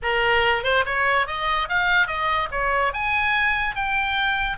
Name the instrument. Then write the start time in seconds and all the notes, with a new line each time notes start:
oboe
0.02 A#4
0.63 C5
0.85 C#5
1.26 D#5
1.68 F5
2.07 D#5
2.51 C#5
2.93 G#5
3.75 G5